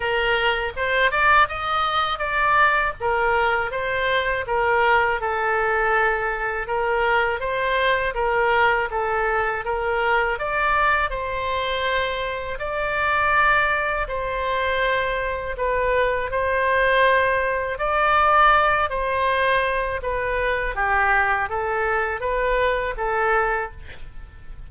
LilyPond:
\new Staff \with { instrumentName = "oboe" } { \time 4/4 \tempo 4 = 81 ais'4 c''8 d''8 dis''4 d''4 | ais'4 c''4 ais'4 a'4~ | a'4 ais'4 c''4 ais'4 | a'4 ais'4 d''4 c''4~ |
c''4 d''2 c''4~ | c''4 b'4 c''2 | d''4. c''4. b'4 | g'4 a'4 b'4 a'4 | }